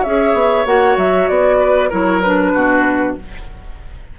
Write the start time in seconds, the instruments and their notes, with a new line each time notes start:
0.00 bassoon C#4, clarinet G#4, oboe C#5, flute E5
0.34 bassoon B3
0.66 bassoon A#3, clarinet F#4, flute F#5
0.97 bassoon F#3, flute E5
1.28 bassoon B3, flute D5
1.60 oboe B4
1.89 bassoon F#3, clarinet E4, oboe A#4, flute C#5
2.22 clarinet D4, flute B4
2.54 bassoon B2, oboe F#4